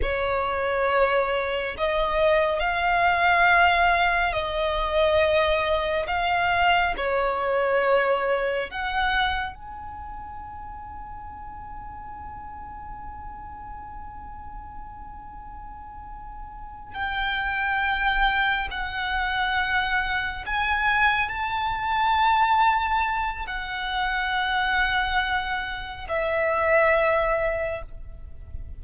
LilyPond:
\new Staff \with { instrumentName = "violin" } { \time 4/4 \tempo 4 = 69 cis''2 dis''4 f''4~ | f''4 dis''2 f''4 | cis''2 fis''4 gis''4~ | gis''1~ |
gis''2.~ gis''8 g''8~ | g''4. fis''2 gis''8~ | gis''8 a''2~ a''8 fis''4~ | fis''2 e''2 | }